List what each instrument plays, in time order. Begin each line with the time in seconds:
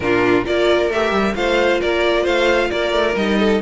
0.00 cello A#2, viola D4, violin F4 A#4
0.45 cello A#3, viola F4, violin A#4 D5
0.89 cello A3, viola G4, violin E5
1.11 cello G3
1.35 cello A3, viola F4, violin C5 F5
1.81 cello A#3, violin A#4 D5
2.23 cello A3, violin C5 F5
2.70 cello A#3, violin A#4 D5
2.92 cello A3
3.15 cello G3, viola D#4, violin D#5
3.39 violin A4